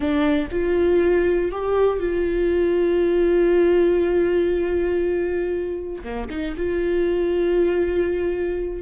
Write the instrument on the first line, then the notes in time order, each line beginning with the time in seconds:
viola
0.00 D4
0.51 F4
1.51 G4
1.99 F4
6.03 A#3
6.30 D#4
6.57 F4